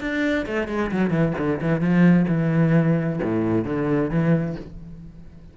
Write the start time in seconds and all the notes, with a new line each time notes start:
0.00 D4
0.46 A3
0.68 G#3
0.91 F#3
1.10 E3
1.38 D3
1.61 E3
1.80 F3
2.28 E3
3.22 A2
3.65 D3
4.10 E3